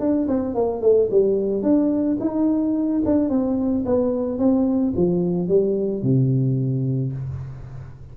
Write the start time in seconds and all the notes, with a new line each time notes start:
0.00 D4
0.29 C4
0.55 A#3
0.82 A3
1.11 G3
1.63 D4
2.20 D#4
3.06 D4
3.30 C4
3.86 B3
4.39 C4
4.97 F3
5.49 G3
6.03 C3